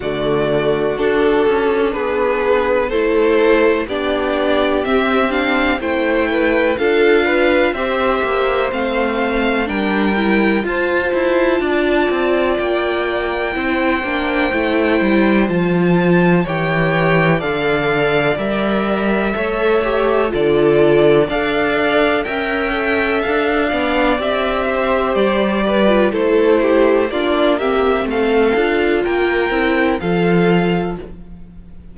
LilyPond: <<
  \new Staff \with { instrumentName = "violin" } { \time 4/4 \tempo 4 = 62 d''4 a'4 b'4 c''4 | d''4 e''8 f''8 g''4 f''4 | e''4 f''4 g''4 a''4~ | a''4 g''2. |
a''4 g''4 f''4 e''4~ | e''4 d''4 f''4 g''4 | f''4 e''4 d''4 c''4 | d''8 e''8 f''4 g''4 f''4 | }
  \new Staff \with { instrumentName = "violin" } { \time 4/4 fis'2 gis'4 a'4 | g'2 c''8 b'8 a'8 b'8 | c''2 ais'4 c''4 | d''2 c''2~ |
c''4 cis''4 d''2 | cis''4 a'4 d''4 e''4~ | e''8 d''4 c''4 b'8 a'8 g'8 | f'8 g'8 a'4 ais'4 a'4 | }
  \new Staff \with { instrumentName = "viola" } { \time 4/4 a4 d'2 e'4 | d'4 c'8 d'8 e'4 f'4 | g'4 c'4 d'8 e'8 f'4~ | f'2 e'8 d'8 e'4 |
f'4 g'4 a'4 ais'4 | a'8 g'8 f'4 a'4 ais'8 a'8~ | a'8 d'8 g'4.~ g'16 f'16 e'4 | d'8 c'4 f'4 e'8 f'4 | }
  \new Staff \with { instrumentName = "cello" } { \time 4/4 d4 d'8 cis'8 b4 a4 | b4 c'4 a4 d'4 | c'8 ais8 a4 g4 f'8 e'8 | d'8 c'8 ais4 c'8 ais8 a8 g8 |
f4 e4 d4 g4 | a4 d4 d'4 cis'4 | d'8 b8 c'4 g4 a4 | ais4 a8 d'8 ais8 c'8 f4 | }
>>